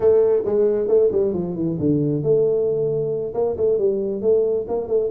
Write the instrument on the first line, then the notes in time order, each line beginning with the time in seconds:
tuba
0.00 A3
0.45 G#3
0.87 A3
1.11 G3
1.33 F3
1.55 E3
1.79 D3
2.22 A3
3.34 A#3
3.56 A3
3.78 G3
4.21 A3
4.68 A#3
4.87 A3